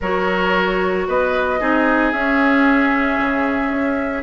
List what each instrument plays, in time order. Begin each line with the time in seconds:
0.01 bassoon F#3, clarinet F#4, oboe A#4, flute C#5
1.07 bassoon B3, oboe B4, flute D#5
1.59 bassoon C4, clarinet D#4, oboe G#4
2.12 clarinet C#4, bassoon C#4, flute E5
3.18 bassoon C#3
3.70 bassoon C#4